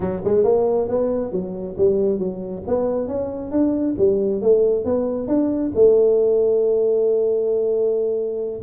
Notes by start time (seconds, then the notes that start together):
0.00 F#3
0.24 G#3
0.44 A#3
0.88 B3
1.31 F#3
1.77 G3
2.18 F#3
2.67 B3
3.07 C#4
3.51 D4
3.97 G3
4.41 A3
4.84 B3
5.27 D4
5.75 A3